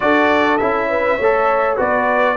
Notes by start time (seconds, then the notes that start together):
0.00 D4 F#4 A4 D5
0.57 C#4 E4 E5
0.89 B4
1.16 A3 C#5
1.23 A4
1.75 B3 F#4 B4 D5